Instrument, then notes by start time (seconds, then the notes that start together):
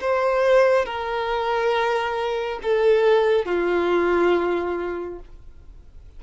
violin
0.00 C5
0.85 A#4
2.62 A4
3.45 F4